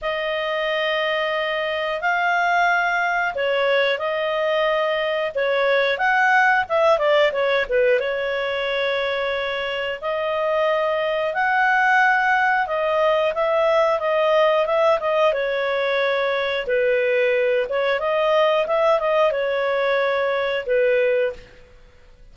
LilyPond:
\new Staff \with { instrumentName = "clarinet" } { \time 4/4 \tempo 4 = 90 dis''2. f''4~ | f''4 cis''4 dis''2 | cis''4 fis''4 e''8 d''8 cis''8 b'8 | cis''2. dis''4~ |
dis''4 fis''2 dis''4 | e''4 dis''4 e''8 dis''8 cis''4~ | cis''4 b'4. cis''8 dis''4 | e''8 dis''8 cis''2 b'4 | }